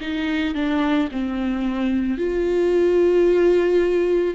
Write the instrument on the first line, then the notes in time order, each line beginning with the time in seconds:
viola
0.00 D#4
0.55 D4
1.11 C4
2.18 F4